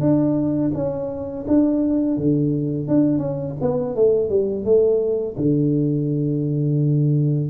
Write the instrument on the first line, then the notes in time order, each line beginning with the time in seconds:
tuba
0.00 D4
0.74 C#4
1.47 D4
2.17 D3
2.88 D4
3.18 C#4
3.61 B3
3.95 A3
4.30 G3
4.65 A3
5.37 D3